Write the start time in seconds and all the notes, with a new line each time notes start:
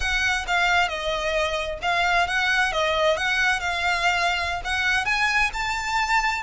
0.00 F#5
0.47 F5
0.88 D#5
1.82 F5
2.27 F#5
2.72 D#5
3.16 F#5
3.60 F5
4.64 F#5
5.05 G#5
5.53 A5